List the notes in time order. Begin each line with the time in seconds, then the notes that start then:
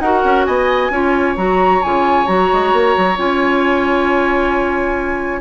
0.00 D#4 F#4 A#4 F#5
0.25 C#4
0.45 B3 D#5 G#5
0.90 C#4 F4 C#5
1.36 F#3 F#4 A#5
1.83 C#3 F4 G#5
2.26 F#3 F#4 A#5
2.52 G#3
2.73 A#3
2.97 F#3
3.17 C#4 F4 G#5